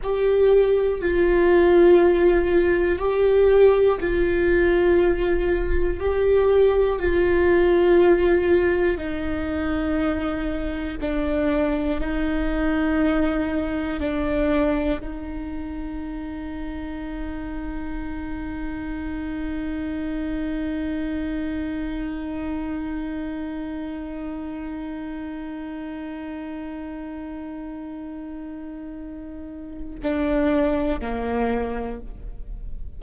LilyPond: \new Staff \with { instrumentName = "viola" } { \time 4/4 \tempo 4 = 60 g'4 f'2 g'4 | f'2 g'4 f'4~ | f'4 dis'2 d'4 | dis'2 d'4 dis'4~ |
dis'1~ | dis'1~ | dis'1~ | dis'2 d'4 ais4 | }